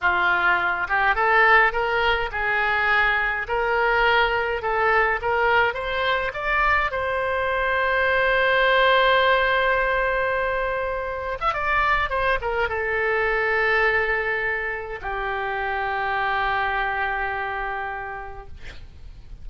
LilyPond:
\new Staff \with { instrumentName = "oboe" } { \time 4/4 \tempo 4 = 104 f'4. g'8 a'4 ais'4 | gis'2 ais'2 | a'4 ais'4 c''4 d''4 | c''1~ |
c''2.~ c''8. e''16 | d''4 c''8 ais'8 a'2~ | a'2 g'2~ | g'1 | }